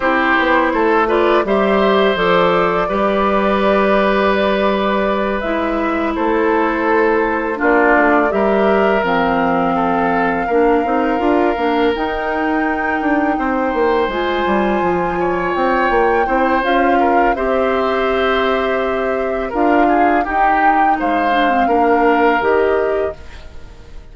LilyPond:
<<
  \new Staff \with { instrumentName = "flute" } { \time 4/4 \tempo 4 = 83 c''4. d''8 e''4 d''4~ | d''2.~ d''8 e''8~ | e''8 c''2 d''4 e''8~ | e''8 f''2.~ f''8~ |
f''8 g''2. gis''8~ | gis''4. g''4. f''4 | e''2. f''4 | g''4 f''2 dis''4 | }
  \new Staff \with { instrumentName = "oboe" } { \time 4/4 g'4 a'8 b'8 c''2 | b'1~ | b'8 a'2 f'4 ais'8~ | ais'4. a'4 ais'4.~ |
ais'2~ ais'8 c''4.~ | c''4 cis''4. c''4 ais'8 | c''2. ais'8 gis'8 | g'4 c''4 ais'2 | }
  \new Staff \with { instrumentName = "clarinet" } { \time 4/4 e'4. f'8 g'4 a'4 | g'2.~ g'8 e'8~ | e'2~ e'8 d'4 g'8~ | g'8 c'2 d'8 dis'8 f'8 |
d'8 dis'2. f'8~ | f'2~ f'8 e'8 f'4 | g'2. f'4 | dis'4. d'16 c'16 d'4 g'4 | }
  \new Staff \with { instrumentName = "bassoon" } { \time 4/4 c'8 b8 a4 g4 f4 | g2.~ g8 gis8~ | gis8 a2 ais8 a8 g8~ | g8 f2 ais8 c'8 d'8 |
ais8 dis'4. d'8 c'8 ais8 gis8 | g8 f4 c'8 ais8 c'8 cis'4 | c'2. d'4 | dis'4 gis4 ais4 dis4 | }
>>